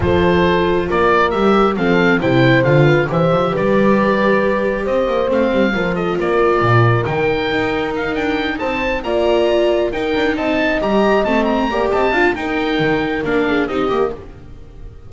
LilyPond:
<<
  \new Staff \with { instrumentName = "oboe" } { \time 4/4 \tempo 4 = 136 c''2 d''4 e''4 | f''4 g''4 f''4 e''4 | d''2. dis''4 | f''4. dis''8 d''2 |
g''2 f''8 g''4 a''8~ | a''8 ais''2 g''4 a''8~ | a''8 ais''4 a''8 ais''4 a''4 | g''2 f''4 dis''4 | }
  \new Staff \with { instrumentName = "horn" } { \time 4/4 a'2 ais'2 | a'4 c''4. b'8 c''4 | b'2. c''4~ | c''4 ais'8 a'8 ais'2~ |
ais'2.~ ais'8 c''8~ | c''8 d''2 ais'4 dis''8~ | dis''2~ dis''8 d''8 dis''8 f''8 | ais'2~ ais'8 gis'8 g'4 | }
  \new Staff \with { instrumentName = "viola" } { \time 4/4 f'2. g'4 | c'4 e'4 f'4 g'4~ | g'1 | c'4 f'2. |
dis'1~ | dis'8 f'2 dis'4.~ | dis'8 g'4 c'4 g'4 f'8 | dis'2 d'4 dis'8 g'8 | }
  \new Staff \with { instrumentName = "double bass" } { \time 4/4 f2 ais4 g4 | f4 c4 d4 e8 f8 | g2. c'8 ais8 | a8 g8 f4 ais4 ais,4 |
dis4 dis'4. d'4 c'8~ | c'8 ais2 dis'8 d'8 c'8~ | c'8 g4 a4 ais8 c'8 d'8 | dis'4 dis4 ais4 c'8 ais8 | }
>>